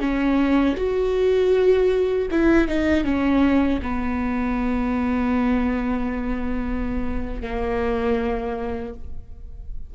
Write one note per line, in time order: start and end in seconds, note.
0.00 0.76 C#4
0.76 2.28 F#4
2.31 2.68 E4
2.68 3.04 D#4
3.04 3.80 C#4
3.83 7.42 B3
7.42 8.94 A#3